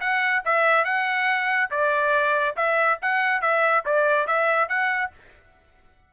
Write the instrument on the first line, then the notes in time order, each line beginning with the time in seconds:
trumpet
0.00 F#5
0.45 E5
0.85 F#5
1.71 D5
2.56 E5
3.02 F#5
3.41 E5
3.85 D5
4.27 E5
4.68 F#5